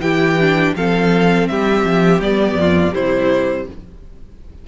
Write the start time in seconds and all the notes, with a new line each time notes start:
0.00 E3 E4 G4 G5
0.40 D4
0.76 F3 C4 A4 F5
1.47 G3 G4 E5
1.84 F3
2.20 G3 B3 D5
2.54 F2
2.60 F4
2.92 C3 G3 E4 C5